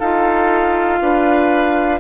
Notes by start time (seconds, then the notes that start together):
0.00 D#4 F4 A4 F5
1.01 D4 B4